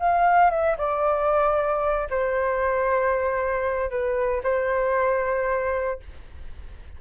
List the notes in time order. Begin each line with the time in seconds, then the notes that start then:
0.00 F5
0.51 E5
0.78 D5
2.10 C5
3.90 B4
4.44 C5